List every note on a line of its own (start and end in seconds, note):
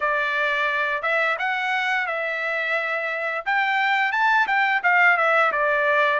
0.00 1.02 D5
1.02 1.36 E5
1.38 2.06 F#5
2.06 3.44 E5
3.45 4.12 G5
4.12 4.46 A5
4.47 4.81 G5
4.83 5.17 F5
5.17 5.51 E5
5.52 6.19 D5